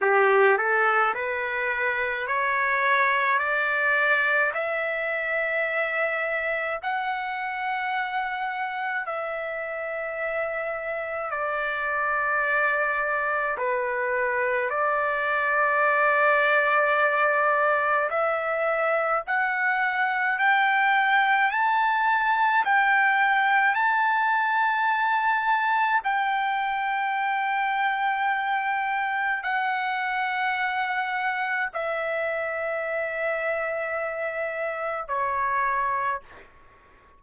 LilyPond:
\new Staff \with { instrumentName = "trumpet" } { \time 4/4 \tempo 4 = 53 g'8 a'8 b'4 cis''4 d''4 | e''2 fis''2 | e''2 d''2 | b'4 d''2. |
e''4 fis''4 g''4 a''4 | g''4 a''2 g''4~ | g''2 fis''2 | e''2. cis''4 | }